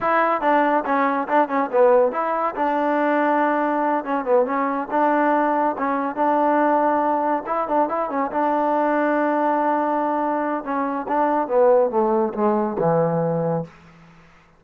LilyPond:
\new Staff \with { instrumentName = "trombone" } { \time 4/4 \tempo 4 = 141 e'4 d'4 cis'4 d'8 cis'8 | b4 e'4 d'2~ | d'4. cis'8 b8 cis'4 d'8~ | d'4. cis'4 d'4.~ |
d'4. e'8 d'8 e'8 cis'8 d'8~ | d'1~ | d'4 cis'4 d'4 b4 | a4 gis4 e2 | }